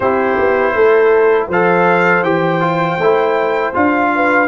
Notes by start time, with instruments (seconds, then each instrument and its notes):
0.00 tuba C4, trombone E4, horn G4, trumpet C5
0.38 tuba B3
0.75 tuba A3, horn A4
1.48 tuba F3, trombone A4, horn C5, trumpet F5
2.22 tuba E3, trombone G4, trumpet G5
2.60 trombone F4
2.98 tuba A3, trombone E4
3.73 tuba D4, trombone F4, trumpet F5
4.15 horn B4